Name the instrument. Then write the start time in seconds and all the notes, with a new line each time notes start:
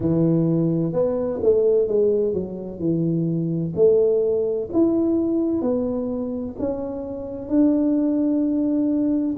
tuba
0.00 E3
0.92 B3
1.42 A3
1.87 G#3
2.33 F#3
2.79 E3
3.75 A3
4.73 E4
5.61 B3
6.58 C#4
7.48 D4